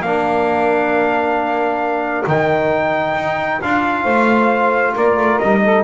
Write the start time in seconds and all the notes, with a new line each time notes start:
0.00 A#3 D4 A#4 F5
2.27 D#3 D#4 G5
3.15 D#4
3.62 D4 F4 F5
4.03 A3 C5
4.94 A#3 A#4 D5
5.17 A3
5.38 G3 D#4 D#5
5.64 A4